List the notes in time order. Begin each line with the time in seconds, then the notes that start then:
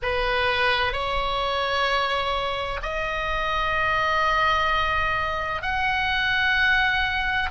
0.02 B4
0.92 C#5
2.82 D#5
5.62 F#5